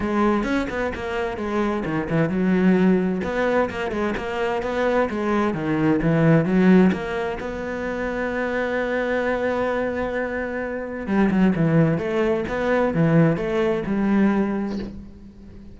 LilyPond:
\new Staff \with { instrumentName = "cello" } { \time 4/4 \tempo 4 = 130 gis4 cis'8 b8 ais4 gis4 | dis8 e8 fis2 b4 | ais8 gis8 ais4 b4 gis4 | dis4 e4 fis4 ais4 |
b1~ | b1 | g8 fis8 e4 a4 b4 | e4 a4 g2 | }